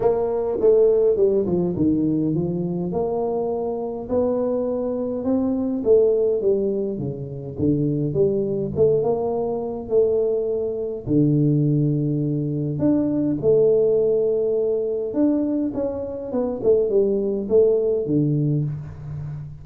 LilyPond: \new Staff \with { instrumentName = "tuba" } { \time 4/4 \tempo 4 = 103 ais4 a4 g8 f8 dis4 | f4 ais2 b4~ | b4 c'4 a4 g4 | cis4 d4 g4 a8 ais8~ |
ais4 a2 d4~ | d2 d'4 a4~ | a2 d'4 cis'4 | b8 a8 g4 a4 d4 | }